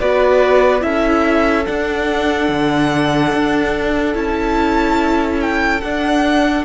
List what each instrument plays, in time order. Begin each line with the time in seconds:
0.00 cello B3, viola F#4, violin B4 D5
0.80 cello C#4, viola E4, violin A4 E5
1.65 viola D4, cello D4, violin F#5
2.48 cello D3
3.33 cello D4
4.13 cello C#4, viola E4, violin A5
5.40 violin G5
5.81 cello D4, viola D4, violin F#5